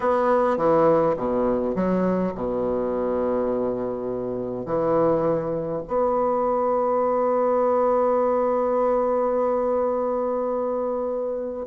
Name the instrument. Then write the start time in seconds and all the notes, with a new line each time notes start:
bassoon
0.00 B3
0.57 E3
1.17 B2
1.75 F#3
2.35 B2
4.65 E3
5.87 B3